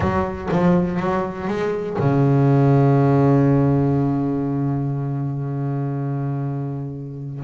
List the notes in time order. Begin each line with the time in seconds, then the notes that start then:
0.00 F#3
0.51 F3
0.99 F#3
1.47 G#3
1.99 C#3